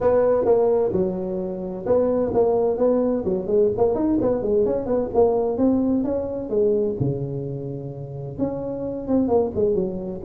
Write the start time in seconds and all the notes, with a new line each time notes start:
0.01 B3
0.45 A#3
0.92 F#3
1.86 B3
2.34 A#3
2.77 B3
3.24 F#3
3.47 G#3
3.77 A#3
3.95 D#4
4.21 B3
4.42 G#3
4.65 C#4
4.86 B3
5.14 A#3
5.57 C4
6.03 C#4
6.49 G#3
7.00 C#3
8.38 C#4
9.07 C4
9.27 A#3
9.55 G#3
9.74 F#3